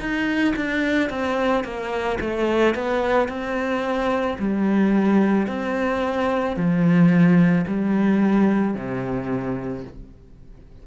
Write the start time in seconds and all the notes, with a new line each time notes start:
0.00 D#4
0.57 D4
1.10 C4
1.65 A#3
2.21 A3
2.75 B3
3.29 C4
4.39 G3
5.48 C4
6.57 F3
7.68 G3
8.75 C3